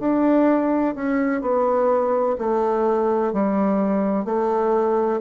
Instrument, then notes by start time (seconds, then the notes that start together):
bassoon
0.00 D4
0.95 C#4
1.42 B3
2.39 A3
3.33 G3
4.26 A3